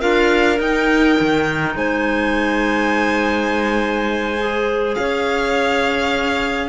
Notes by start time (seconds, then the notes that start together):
0.00 D4 F4 A#4 F5
0.57 D#4 G5
1.20 D#3
1.75 G#3 C5 G#5
4.38 G#4
4.94 C#4 C#5 F5